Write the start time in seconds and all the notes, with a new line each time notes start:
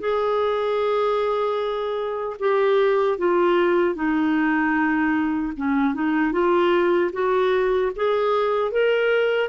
0.00 G#4
2.40 G4
3.19 F4
3.95 D#4
5.57 C#4
5.94 D#4
6.33 F4
7.13 F#4
7.96 G#4
8.72 A#4